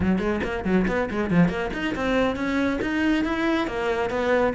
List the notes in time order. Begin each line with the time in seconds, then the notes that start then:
0.00 F#3
0.18 G#3
0.43 A#3
0.64 F#3
0.87 B3
1.10 G#3
1.30 F3
1.48 A#3
1.73 D#4
1.95 C4
2.35 C#4
2.81 D#4
3.24 E4
3.67 A#3
4.09 B3